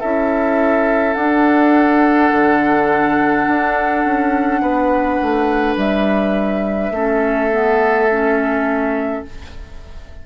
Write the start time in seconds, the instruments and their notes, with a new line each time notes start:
0.00 bassoon C#4, clarinet E4, oboe A4, flute E5
1.14 clarinet D4, bassoon D4, flute F#5
2.32 bassoon D3
3.48 bassoon D4
4.05 bassoon C#4
4.61 bassoon B3, oboe B4
5.21 bassoon A3
5.76 bassoon G3, flute E5
6.91 bassoon A3, clarinet C#4, oboe A4
7.51 clarinet B3
8.11 clarinet C#4